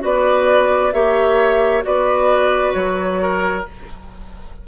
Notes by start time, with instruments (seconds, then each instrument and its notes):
0.00 bassoon B3, clarinet F#4, oboe B4, flute D5
0.93 bassoon A#3, clarinet G4, oboe C#5, flute E5
1.82 bassoon B3, clarinet F#4, oboe B4, flute D5
2.73 bassoon F#3, flute C#5
3.22 oboe A#4